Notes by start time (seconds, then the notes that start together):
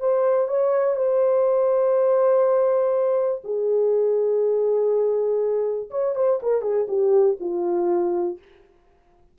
0.00 C5
0.48 C#5
0.95 C5
3.44 G#4
5.90 C#5
6.15 C5
6.42 A#4
6.61 G#4
6.88 G4
7.40 F4